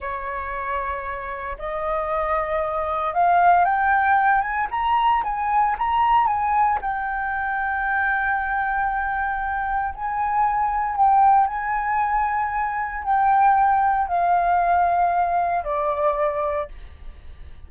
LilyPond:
\new Staff \with { instrumentName = "flute" } { \time 4/4 \tempo 4 = 115 cis''2. dis''4~ | dis''2 f''4 g''4~ | g''8 gis''8 ais''4 gis''4 ais''4 | gis''4 g''2.~ |
g''2. gis''4~ | gis''4 g''4 gis''2~ | gis''4 g''2 f''4~ | f''2 d''2 | }